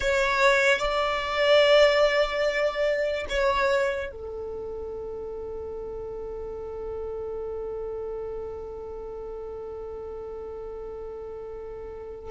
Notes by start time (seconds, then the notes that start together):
0.00 C#5
0.78 D5
3.29 C#5
4.11 A4